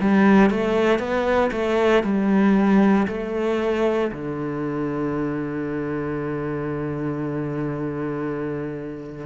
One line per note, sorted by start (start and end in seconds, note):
0.00 0.50 G3
0.50 0.99 A3
0.99 1.50 B3
1.51 2.03 A3
2.03 3.07 G3
3.07 4.11 A3
4.11 9.26 D3